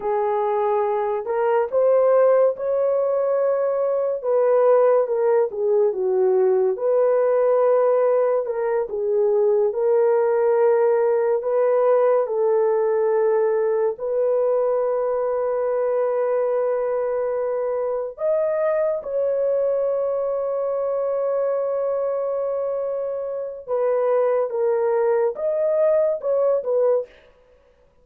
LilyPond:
\new Staff \with { instrumentName = "horn" } { \time 4/4 \tempo 4 = 71 gis'4. ais'8 c''4 cis''4~ | cis''4 b'4 ais'8 gis'8 fis'4 | b'2 ais'8 gis'4 ais'8~ | ais'4. b'4 a'4.~ |
a'8 b'2.~ b'8~ | b'4. dis''4 cis''4.~ | cis''1 | b'4 ais'4 dis''4 cis''8 b'8 | }